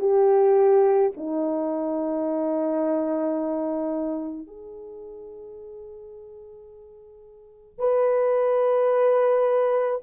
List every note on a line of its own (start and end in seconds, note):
0.00 1.11 G4
1.17 4.47 D#4
4.47 7.79 G#4
7.79 10.01 B4